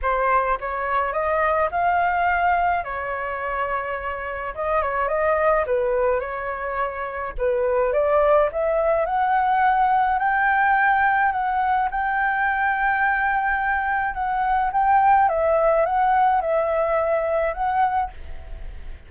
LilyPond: \new Staff \with { instrumentName = "flute" } { \time 4/4 \tempo 4 = 106 c''4 cis''4 dis''4 f''4~ | f''4 cis''2. | dis''8 cis''8 dis''4 b'4 cis''4~ | cis''4 b'4 d''4 e''4 |
fis''2 g''2 | fis''4 g''2.~ | g''4 fis''4 g''4 e''4 | fis''4 e''2 fis''4 | }